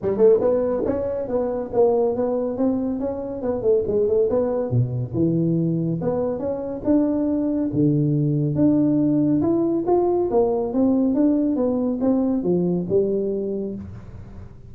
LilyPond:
\new Staff \with { instrumentName = "tuba" } { \time 4/4 \tempo 4 = 140 g8 a8 b4 cis'4 b4 | ais4 b4 c'4 cis'4 | b8 a8 gis8 a8 b4 b,4 | e2 b4 cis'4 |
d'2 d2 | d'2 e'4 f'4 | ais4 c'4 d'4 b4 | c'4 f4 g2 | }